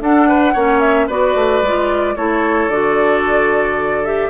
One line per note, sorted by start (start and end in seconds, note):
0.00 0.54 D4
0.00 0.55 D4
0.00 0.28 A4
0.00 0.80 F#5
0.28 0.53 B4
0.53 1.09 A#3
0.53 1.09 C#4
0.53 1.07 C#5
0.80 1.07 E5
1.07 1.35 B3
1.07 1.64 F#4
1.07 2.15 B4
1.07 2.16 D5
1.35 1.62 A3
1.62 2.16 G#3
1.62 2.16 F4
2.16 2.68 A3
2.16 2.70 E4
2.16 4.30 A4
2.16 2.69 C#5
2.68 4.30 D3
2.68 4.05 F#4
2.68 4.04 D5
4.04 4.30 G4
4.04 4.30 E5